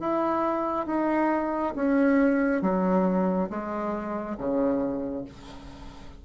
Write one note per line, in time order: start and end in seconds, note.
0.00 0.87 E4
0.87 1.74 D#4
1.75 2.62 C#4
2.62 3.49 F#3
3.50 4.37 G#3
4.38 5.25 C#3